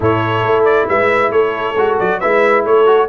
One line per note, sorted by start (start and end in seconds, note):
0.00 0.43 A2
0.00 1.75 E4
0.00 0.87 A4
0.00 0.64 C#5
0.43 0.87 A3
0.64 0.86 D5
0.87 1.31 G#3
0.87 1.31 B4
0.87 1.31 E5
1.31 1.75 A3
1.31 2.20 A4
1.31 1.98 C#5
1.76 1.98 G#3
1.76 2.22 F#4
1.99 2.22 F#3
1.99 2.20 D5
2.20 2.64 G#3
2.20 2.86 E4
2.20 2.64 B4
2.20 2.64 E5
2.64 3.08 A3
2.64 3.08 A4
2.64 3.08 C#5
2.86 3.08 F#4